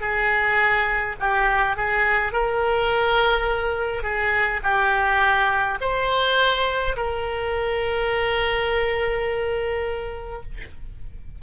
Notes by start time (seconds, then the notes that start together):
0.00 G#4
1.20 G4
1.76 G#4
2.32 A#4
4.03 G#4
4.63 G4
5.81 C5
6.96 A#4